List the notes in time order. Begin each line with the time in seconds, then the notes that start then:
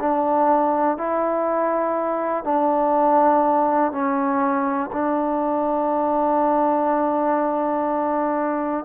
0.00 D4
0.98 E4
2.45 D4
3.92 C#4
4.93 D4